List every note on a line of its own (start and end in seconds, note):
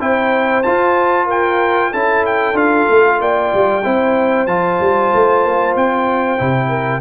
0.00 0.64 C4
0.00 0.64 E4
0.00 1.26 C5
0.00 0.63 G5
0.63 1.93 F4
0.63 1.27 A5
1.26 1.89 A#4
1.26 1.93 G5
1.92 2.53 C#4
1.92 2.54 E4
1.92 3.19 A4
1.92 2.25 A5
2.26 2.57 G5
2.53 2.85 D4
2.53 3.82 F4
2.53 3.21 F5
2.89 3.20 A3
3.20 3.52 A#3
3.20 3.85 D5
3.20 4.47 G5
3.54 3.85 G3
3.84 4.47 C4
3.84 4.47 E4
3.84 6.69 C5
4.47 4.78 F3
4.47 6.38 F4
4.47 5.74 A5
4.80 5.12 G3
5.14 5.45 A3
5.45 5.76 A#3
5.76 6.39 C4
5.76 7.01 G5
6.38 7.01 C3
6.38 7.01 E4
6.69 7.01 A#4